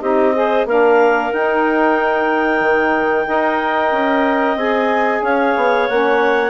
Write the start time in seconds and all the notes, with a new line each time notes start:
0.00 C4 D#4 G4 D#5
0.34 G#4 C5
0.65 A#3 D4 A#4 F5
1.33 D#4 G5
2.60 D#3
3.26 D#4 A#4 D#5
3.92 C#4
4.55 C4 G#4 G#5
5.21 C#4 C#5 F5
5.56 B3
5.88 A#3 C#4 F#5